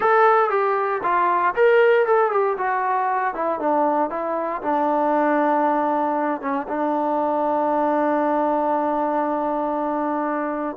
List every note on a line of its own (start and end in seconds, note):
0.00 0.50 A4
0.50 1.01 G4
1.03 1.54 F4
1.55 2.05 A#4
2.05 2.31 A4
2.31 2.56 G4
2.57 3.34 F#4
3.34 3.59 E4
3.59 4.10 D4
4.10 4.61 E4
4.62 6.41 D4
6.41 6.66 C#4
6.67 10.76 D4